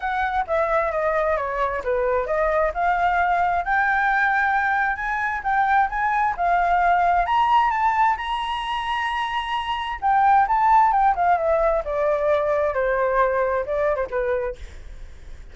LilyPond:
\new Staff \with { instrumentName = "flute" } { \time 4/4 \tempo 4 = 132 fis''4 e''4 dis''4 cis''4 | b'4 dis''4 f''2 | g''2. gis''4 | g''4 gis''4 f''2 |
ais''4 a''4 ais''2~ | ais''2 g''4 a''4 | g''8 f''8 e''4 d''2 | c''2 d''8. c''16 b'4 | }